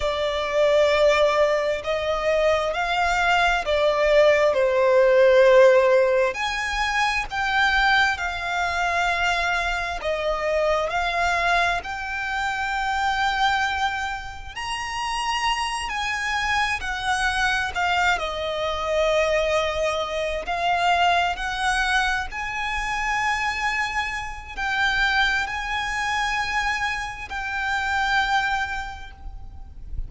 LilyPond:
\new Staff \with { instrumentName = "violin" } { \time 4/4 \tempo 4 = 66 d''2 dis''4 f''4 | d''4 c''2 gis''4 | g''4 f''2 dis''4 | f''4 g''2. |
ais''4. gis''4 fis''4 f''8 | dis''2~ dis''8 f''4 fis''8~ | fis''8 gis''2~ gis''8 g''4 | gis''2 g''2 | }